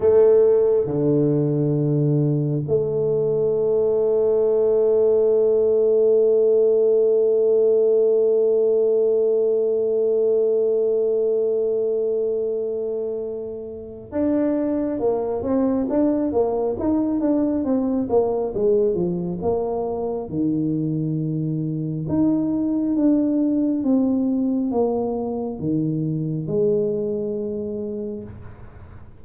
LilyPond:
\new Staff \with { instrumentName = "tuba" } { \time 4/4 \tempo 4 = 68 a4 d2 a4~ | a1~ | a1~ | a1 |
d'4 ais8 c'8 d'8 ais8 dis'8 d'8 | c'8 ais8 gis8 f8 ais4 dis4~ | dis4 dis'4 d'4 c'4 | ais4 dis4 gis2 | }